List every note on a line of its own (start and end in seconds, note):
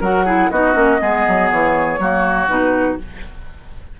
0.00 0.50 F#3
0.00 0.26 F#4
0.00 0.24 A#4
0.00 0.50 F#5
0.24 0.50 E4
0.24 0.49 G#4
0.50 0.74 B3
0.50 0.73 D#4
0.50 1.00 F#4
0.50 1.49 D#5
0.73 0.99 A#3
0.73 0.98 C#4
1.00 1.26 G#3
1.00 1.99 B3
1.00 1.99 G#4
1.27 1.51 F#3
1.50 1.99 E3
1.50 2.48 C#5
1.99 2.48 F#3
1.99 2.48 A#3
1.99 3.00 F#4
2.48 2.97 B2
2.48 2.98 D#4
2.48 2.97 B4